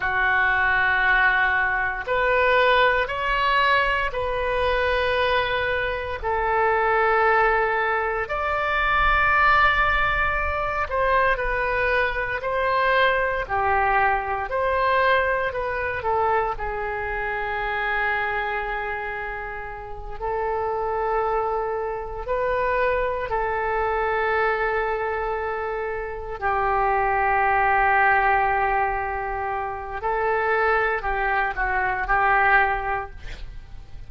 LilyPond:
\new Staff \with { instrumentName = "oboe" } { \time 4/4 \tempo 4 = 58 fis'2 b'4 cis''4 | b'2 a'2 | d''2~ d''8 c''8 b'4 | c''4 g'4 c''4 b'8 a'8 |
gis'2.~ gis'8 a'8~ | a'4. b'4 a'4.~ | a'4. g'2~ g'8~ | g'4 a'4 g'8 fis'8 g'4 | }